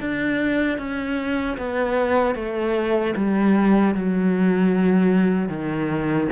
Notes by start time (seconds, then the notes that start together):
0.00 D4
0.78 C#4
1.57 B3
2.35 A3
3.15 G3
3.94 F#3
5.48 D#3